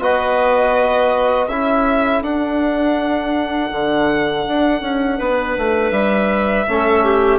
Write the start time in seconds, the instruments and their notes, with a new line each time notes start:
0.00 bassoon B3, trombone F#4, clarinet B4, violin D#5
1.48 bassoon C#4, trombone E4, clarinet A4, violin E5
2.22 bassoon D4, trombone D4, violin F#5
3.72 bassoon D3
4.48 bassoon D4
4.81 bassoon C#4
5.17 bassoon B3, clarinet B4
5.57 bassoon A3
5.90 bassoon G3, violin E5
6.67 bassoon A3, trombone C#4, clarinet A4
7.04 clarinet G4